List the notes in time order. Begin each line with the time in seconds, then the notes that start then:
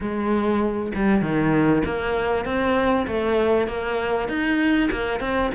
0.00 G#3
0.94 G3
1.21 D#3
1.85 A#3
2.45 C4
3.07 A3
3.67 A#3
4.28 D#4
4.91 A#3
5.20 C4